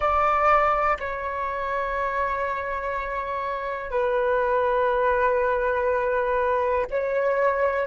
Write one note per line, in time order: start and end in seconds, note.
0.00 0.97 D5
0.99 3.91 C#5
3.91 6.86 B4
6.90 7.86 C#5